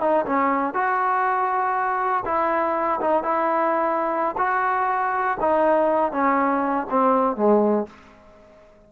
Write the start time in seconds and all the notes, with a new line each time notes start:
0.00 D#4
0.25 C#4
0.74 F#4
2.25 E4
3.00 D#4
3.23 E4
4.37 F#4
5.40 D#4
6.11 C#4
6.90 C4
7.36 G#3